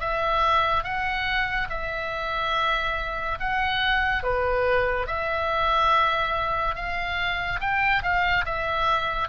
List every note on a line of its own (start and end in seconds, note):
0.00 0.83 E5
0.83 1.68 F#5
1.69 3.38 E5
3.39 4.23 F#5
4.23 5.07 B4
5.07 6.75 E5
6.75 7.60 F5
7.61 8.02 G5
8.02 8.45 F5
8.45 9.28 E5